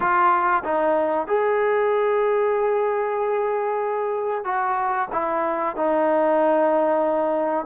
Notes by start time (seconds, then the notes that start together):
0.00 F4
0.64 D#4
1.27 G#4
4.44 F#4
5.12 E4
5.76 D#4